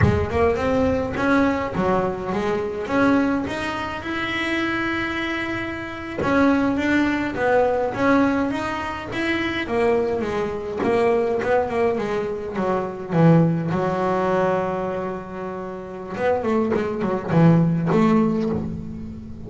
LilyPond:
\new Staff \with { instrumentName = "double bass" } { \time 4/4 \tempo 4 = 104 gis8 ais8 c'4 cis'4 fis4 | gis4 cis'4 dis'4 e'4~ | e'2~ e'8. cis'4 d'16~ | d'8. b4 cis'4 dis'4 e'16~ |
e'8. ais4 gis4 ais4 b16~ | b16 ais8 gis4 fis4 e4 fis16~ | fis1 | b8 a8 gis8 fis8 e4 a4 | }